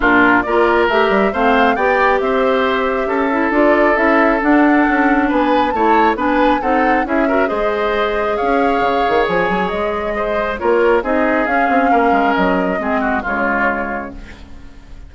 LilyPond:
<<
  \new Staff \with { instrumentName = "flute" } { \time 4/4 \tempo 4 = 136 ais'4 d''4 e''4 f''4 | g''4 e''2. | d''4 e''4 fis''2 | gis''4 a''4 gis''4 fis''4 |
e''4 dis''2 f''4~ | f''4 gis''4 dis''2 | cis''4 dis''4 f''2 | dis''2 cis''2 | }
  \new Staff \with { instrumentName = "oboe" } { \time 4/4 f'4 ais'2 c''4 | d''4 c''2 a'4~ | a'1 | b'4 cis''4 b'4 a'4 |
gis'8 ais'8 c''2 cis''4~ | cis''2. c''4 | ais'4 gis'2 ais'4~ | ais'4 gis'8 fis'8 f'2 | }
  \new Staff \with { instrumentName = "clarinet" } { \time 4/4 d'4 f'4 g'4 c'4 | g'2.~ g'8 e'8 | f'4 e'4 d'2~ | d'4 e'4 d'4 dis'4 |
e'8 fis'8 gis'2.~ | gis'1 | f'4 dis'4 cis'2~ | cis'4 c'4 gis2 | }
  \new Staff \with { instrumentName = "bassoon" } { \time 4/4 ais,4 ais4 a8 g8 a4 | b4 c'2 cis'4 | d'4 cis'4 d'4 cis'4 | b4 a4 b4 c'4 |
cis'4 gis2 cis'4 | cis8 dis8 f8 fis8 gis2 | ais4 c'4 cis'8 c'8 ais8 gis8 | fis4 gis4 cis2 | }
>>